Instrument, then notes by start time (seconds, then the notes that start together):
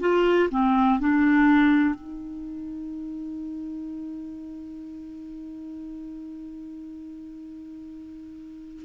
clarinet
0.00 F4
0.50 C4
0.99 D4
1.94 D#4